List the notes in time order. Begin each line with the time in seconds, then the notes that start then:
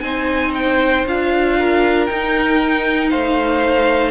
0.00 C4 D#4 C5 G#5
0.54 G5
1.06 D4 F4 F5
1.59 A#4
2.06 D#4 G5
3.10 A3 C5 F5